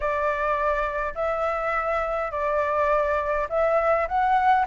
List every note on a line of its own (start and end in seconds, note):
0.00 1.13 D5
1.15 2.31 E5
2.31 3.47 D5
3.49 4.07 E5
4.08 4.66 F#5